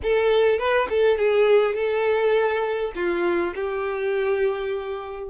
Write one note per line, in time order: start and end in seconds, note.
0.02 0.58 A4
0.58 0.88 B4
0.89 1.17 A4
1.17 1.75 G#4
1.75 2.92 A4
2.95 3.54 F4
3.54 5.29 G4